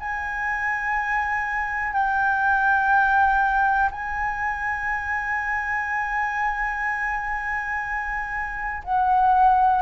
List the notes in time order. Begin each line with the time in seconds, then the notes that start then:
0.00 G#5
1.93 G5
3.91 G#5
8.84 F#5